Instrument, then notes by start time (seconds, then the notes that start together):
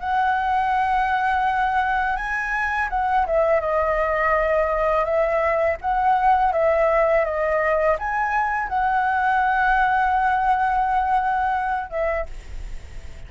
flute
0.00 F#5
2.17 G#5
2.90 F#5
3.27 E5
3.61 D#5
5.05 E5
5.81 F#5
6.53 E5
7.25 D#5
7.99 G#5
8.68 F#5
11.90 E5